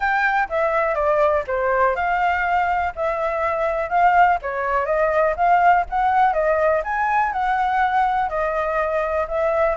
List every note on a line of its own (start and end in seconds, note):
0.00 0.48 G5
0.49 0.94 E5
0.94 1.43 D5
1.47 1.95 C5
1.95 2.93 F5
2.95 3.89 E5
3.89 4.38 F5
4.41 4.85 C#5
4.85 5.34 D#5
5.36 5.85 F5
5.89 6.33 F#5
6.33 6.82 D#5
6.84 7.32 G#5
7.32 8.29 F#5
8.29 9.26 D#5
9.27 9.76 E5